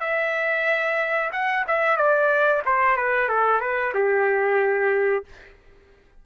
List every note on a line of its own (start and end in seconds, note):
0.00 1.30 E5
1.32 1.65 F#5
1.67 1.97 E5
1.97 2.62 D5
2.65 2.96 C5
2.96 3.28 B4
3.28 3.60 A4
3.60 3.93 B4
3.94 5.24 G4